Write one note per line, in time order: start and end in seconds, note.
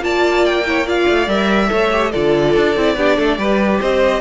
0.00 1.05 A#3
0.00 0.64 F4
0.00 0.67 D5
0.00 0.45 A5
0.45 0.87 G5
0.66 0.86 E4
0.66 0.86 C#5
0.86 1.28 F4
0.86 1.70 D5
0.86 1.29 F5
1.08 1.27 A3
1.27 1.69 G3
1.27 1.68 A#4
1.27 2.11 E5
1.68 2.13 A3
1.68 1.89 A4
1.68 2.11 C#5
1.92 2.12 G4
2.11 2.56 D3
2.11 2.76 F4
2.11 2.95 A4
2.11 3.79 D5
2.56 2.76 D4
2.76 2.96 C4
2.76 2.97 E4
2.96 3.17 B3
2.96 3.39 D4
2.96 3.16 G4
3.16 3.38 A3
3.16 3.37 A4
3.38 3.80 G3
3.38 4.21 G4
3.38 3.80 B4
3.80 4.21 C4
3.80 4.21 C5
3.80 4.21 D#5